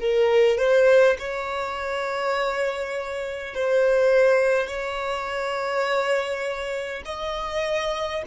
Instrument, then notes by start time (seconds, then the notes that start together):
violin
0.00 A#4
0.58 C5
1.19 C#5
3.54 C5
4.67 C#5
7.05 D#5